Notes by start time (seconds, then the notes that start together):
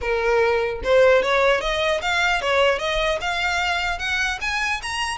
0.01 A#4
0.83 C5
1.22 C#5
1.60 D#5
2.01 F5
2.41 C#5
2.78 D#5
3.20 F5
3.98 F#5
4.41 G#5
4.82 A#5